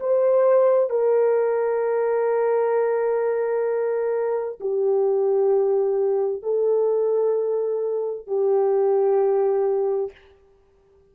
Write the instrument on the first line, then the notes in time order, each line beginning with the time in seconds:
horn
0.00 C5
0.90 A#4
4.60 G4
6.42 A4
8.27 G4